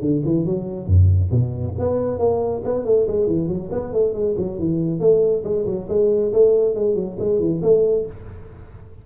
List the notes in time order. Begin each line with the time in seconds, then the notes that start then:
0.00 D3
0.24 E3
0.45 F#3
0.86 F#2
1.31 B2
1.78 B3
2.18 A#3
2.64 B3
2.85 A3
3.07 G#3
3.26 E3
3.48 F#3
3.71 B3
3.92 A3
4.13 G#3
4.37 F#3
4.58 E3
5.00 A3
5.43 G#3
5.66 F#3
5.89 G#3
6.32 A3
6.74 G#3
6.95 F#3
7.19 G#3
7.39 E3
7.62 A3